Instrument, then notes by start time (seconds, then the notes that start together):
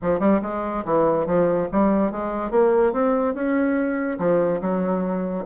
bassoon
0.02 F3
0.19 G3
0.42 G#3
0.85 E3
1.26 F3
1.72 G3
2.11 G#3
2.50 A#3
2.92 C4
3.34 C#4
4.18 F3
4.61 F#3